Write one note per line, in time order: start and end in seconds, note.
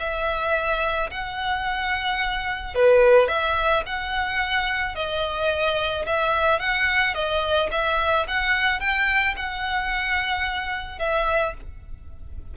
0.00 1.10 E5
1.11 2.75 F#5
2.75 3.28 B4
3.28 3.83 E5
3.86 4.95 F#5
4.95 6.06 D#5
6.06 6.60 E5
6.60 7.15 F#5
7.15 7.70 D#5
7.71 8.26 E5
8.28 8.80 F#5
8.80 9.35 G5
9.36 10.99 F#5
10.99 11.54 E5